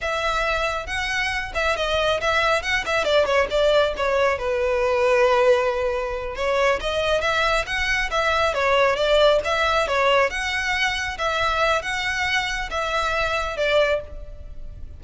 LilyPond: \new Staff \with { instrumentName = "violin" } { \time 4/4 \tempo 4 = 137 e''2 fis''4. e''8 | dis''4 e''4 fis''8 e''8 d''8 cis''8 | d''4 cis''4 b'2~ | b'2~ b'8 cis''4 dis''8~ |
dis''8 e''4 fis''4 e''4 cis''8~ | cis''8 d''4 e''4 cis''4 fis''8~ | fis''4. e''4. fis''4~ | fis''4 e''2 d''4 | }